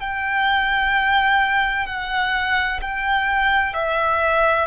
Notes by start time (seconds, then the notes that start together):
0.00 G5
1.86 F#5
2.82 G5
3.73 E5